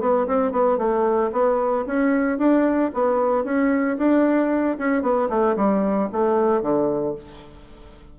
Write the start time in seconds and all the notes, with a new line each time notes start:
0.00 B3
0.27 C4
0.52 B3
0.78 A3
1.32 B3
1.86 C#4
2.38 D4
2.93 B3
3.44 C#4
3.98 D4
4.78 C#4
5.02 B3
5.29 A3
5.56 G3
6.12 A3
6.62 D3